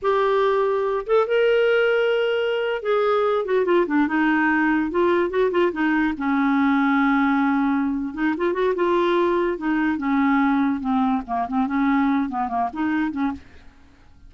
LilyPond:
\new Staff \with { instrumentName = "clarinet" } { \time 4/4 \tempo 4 = 144 g'2~ g'8 a'8 ais'4~ | ais'2~ ais'8. gis'4~ gis'16~ | gis'16 fis'8 f'8 d'8 dis'2 f'16~ | f'8. fis'8 f'8 dis'4 cis'4~ cis'16~ |
cis'2.~ cis'8 dis'8 | f'8 fis'8 f'2 dis'4 | cis'2 c'4 ais8 c'8 | cis'4. b8 ais8 dis'4 cis'8 | }